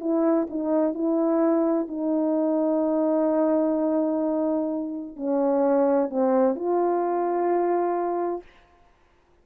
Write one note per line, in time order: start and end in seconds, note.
0.00 0.47 E4
0.49 0.94 D#4
0.94 1.88 E4
1.88 5.16 D#4
5.16 6.10 C#4
6.10 6.55 C4
6.55 8.43 F4